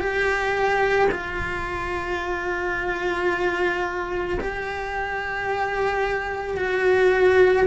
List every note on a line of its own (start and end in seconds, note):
0.00 1.09 G4
1.12 4.39 F4
4.41 6.58 G4
6.58 7.67 F#4